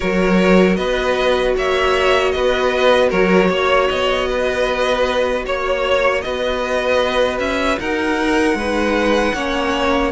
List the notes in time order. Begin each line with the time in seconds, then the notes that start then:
0.00 F#3 F#4 A#4 C#5
0.76 B3 B4 D#5
1.56 A#3 C#5 E5
2.31 B3 B4 D#5
3.09 F#3 A#4 C#5
3.49 A#3 C#5
3.88 B3 D#5
4.28 B4
5.45 A#3 C#5
6.21 B3 B4 D#5
7.39 C#4 E5
7.79 D#4 A#4 F#5
8.54 G#3 D#4 B4
9.34 A#3 C#4 C#5